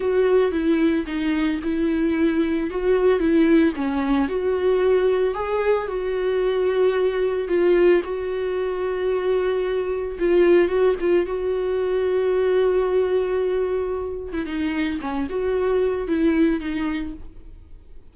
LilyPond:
\new Staff \with { instrumentName = "viola" } { \time 4/4 \tempo 4 = 112 fis'4 e'4 dis'4 e'4~ | e'4 fis'4 e'4 cis'4 | fis'2 gis'4 fis'4~ | fis'2 f'4 fis'4~ |
fis'2. f'4 | fis'8 f'8 fis'2.~ | fis'2~ fis'8. e'16 dis'4 | cis'8 fis'4. e'4 dis'4 | }